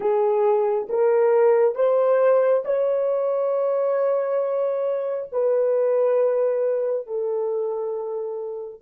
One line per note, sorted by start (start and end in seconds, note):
0.00 0.87 G#4
0.89 1.74 A#4
1.74 2.63 C5
2.64 5.29 C#5
5.32 7.06 B4
7.06 8.81 A4